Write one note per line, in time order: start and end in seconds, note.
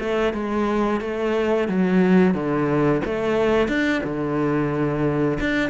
0.00 0.34 A3
0.34 1.01 G#3
1.01 1.68 A3
1.68 2.34 F#3
2.34 3.02 D3
3.05 3.68 A3
3.68 4.02 D4
4.04 5.38 D3
5.40 5.70 D4